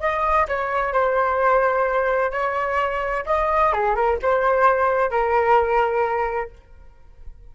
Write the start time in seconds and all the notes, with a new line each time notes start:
0.00 D#5
0.48 C#5
0.93 C5
2.32 C#5
3.26 D#5
3.73 G#4
3.96 A#4
4.22 C5
5.11 A#4